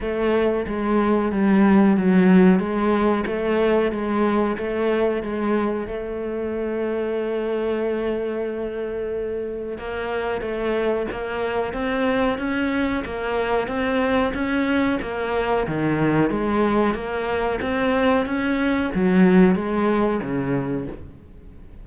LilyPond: \new Staff \with { instrumentName = "cello" } { \time 4/4 \tempo 4 = 92 a4 gis4 g4 fis4 | gis4 a4 gis4 a4 | gis4 a2.~ | a2. ais4 |
a4 ais4 c'4 cis'4 | ais4 c'4 cis'4 ais4 | dis4 gis4 ais4 c'4 | cis'4 fis4 gis4 cis4 | }